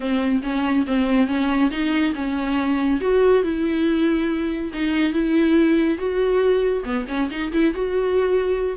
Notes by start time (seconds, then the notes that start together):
0.00 C4
0.43 C#4
0.86 C4
1.27 C#4
1.70 D#4
2.14 C#4
3.00 F#4
3.43 E4
4.73 D#4
5.13 E4
5.98 F#4
6.84 B3
7.08 C#4
7.30 D#4
7.52 E4
7.74 F#4